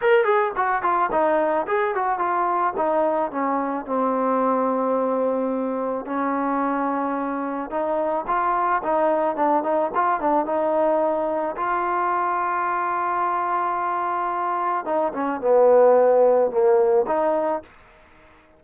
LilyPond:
\new Staff \with { instrumentName = "trombone" } { \time 4/4 \tempo 4 = 109 ais'8 gis'8 fis'8 f'8 dis'4 gis'8 fis'8 | f'4 dis'4 cis'4 c'4~ | c'2. cis'4~ | cis'2 dis'4 f'4 |
dis'4 d'8 dis'8 f'8 d'8 dis'4~ | dis'4 f'2.~ | f'2. dis'8 cis'8 | b2 ais4 dis'4 | }